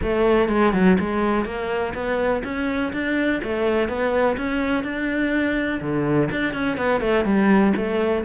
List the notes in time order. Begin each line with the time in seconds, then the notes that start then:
0.02 A3
0.49 G#3
0.73 F#3
0.99 G#3
1.45 A#3
1.94 B3
2.44 C#4
2.93 D4
3.43 A3
3.88 B3
4.37 C#4
4.83 D4
5.81 D3
6.31 D4
6.53 C#4
6.77 B3
7.01 A3
7.24 G3
7.76 A3